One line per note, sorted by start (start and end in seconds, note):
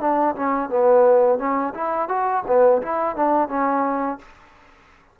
0.00 0.35 D4
0.35 0.69 C#4
0.69 1.38 B3
1.38 1.73 C#4
1.74 2.09 E4
2.09 2.44 F#4
2.47 2.82 B3
2.82 3.16 E4
3.16 3.49 D4
3.49 4.18 C#4